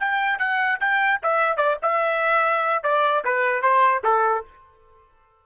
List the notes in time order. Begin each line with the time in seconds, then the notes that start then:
0.00 G5
0.39 F#5
0.80 G5
1.23 E5
1.57 D5
1.83 E5
2.84 D5
3.25 B4
3.62 C5
4.04 A4